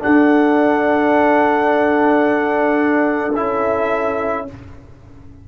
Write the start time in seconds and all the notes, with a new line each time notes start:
0.00 D4 A4 F#5
3.36 C#4 E4 E5